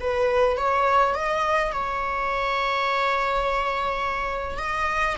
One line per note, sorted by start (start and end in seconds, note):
0.00 0.57 B4
0.57 1.15 C#5
1.15 1.72 D#5
1.72 4.58 C#5
4.58 5.16 D#5